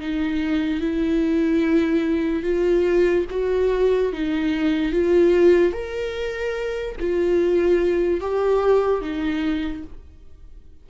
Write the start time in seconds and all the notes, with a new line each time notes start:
0.00 D#4
0.81 E4
2.43 F4
3.30 F#4
4.12 D#4
4.92 F4
5.73 A#4
7.00 F4
8.20 G4
9.01 D#4